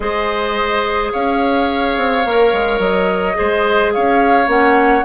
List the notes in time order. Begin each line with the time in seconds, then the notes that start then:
0.00 G#3 G#4 C5 D#5
1.12 C#4 C#5 F5
1.97 C4
2.25 A#3 A#4
2.52 G#3
2.79 F#3 D#5
3.34 G#4 C5
3.40 G#3
3.92 C#4 C#5 F5
4.46 A#3 C#4 F#5